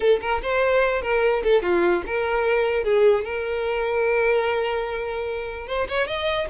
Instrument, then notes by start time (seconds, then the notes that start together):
violin
0.00 A4
0.21 A#4
0.42 C5
1.02 A#4
1.43 A4
1.62 F4
2.06 A#4
2.83 G#4
3.24 A#4
5.67 C5
5.88 C#5
6.07 D#5